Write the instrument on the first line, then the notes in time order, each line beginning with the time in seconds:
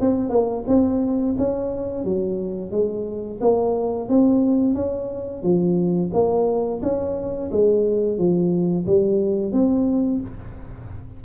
tuba
0.00 C4
0.29 A#3
0.67 C4
1.37 C#4
2.04 F#3
2.71 G#3
3.40 A#3
4.08 C4
4.74 C#4
5.42 F3
6.13 A#3
6.82 C#4
7.51 G#3
8.17 F3
8.86 G3
9.52 C4